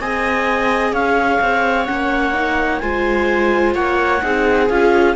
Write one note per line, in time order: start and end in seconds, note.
0.00 0.93 C4
0.00 1.87 G#4
0.00 0.93 D#5
0.00 0.94 G#5
0.93 1.40 C#4
0.93 2.81 C#5
0.93 1.86 F5
1.42 1.88 C4
1.86 2.82 A#3
1.86 2.34 C#4
1.86 2.79 F#5
2.34 2.81 D#4
2.80 3.75 G#3
2.80 4.22 F4
2.80 3.75 C5
2.80 3.73 G#5
3.75 4.22 A#3
3.75 4.22 C#5
3.75 4.69 F#5
4.22 4.70 C4
4.22 4.69 D#4
4.22 5.16 G#4
4.69 5.16 C#4
4.69 5.16 F4
4.69 5.16 F5